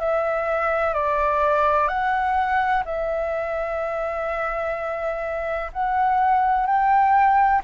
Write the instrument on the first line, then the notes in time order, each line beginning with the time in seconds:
flute
0.00 E5
0.94 D5
1.88 F#5
2.85 E5
5.73 F#5
6.67 G5